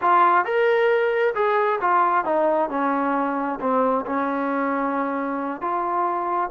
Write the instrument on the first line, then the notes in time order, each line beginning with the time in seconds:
trombone
0.01 F4
0.45 A#4
1.34 G#4
1.80 F4
2.24 D#4
2.69 C#4
3.60 C4
4.06 C#4
5.61 F4